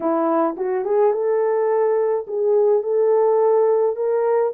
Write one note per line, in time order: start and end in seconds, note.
0.00 0.56 E4
0.57 0.85 F#4
0.85 1.12 G#4
1.12 2.26 A4
2.27 2.83 G#4
2.83 3.95 A4
3.95 4.52 A#4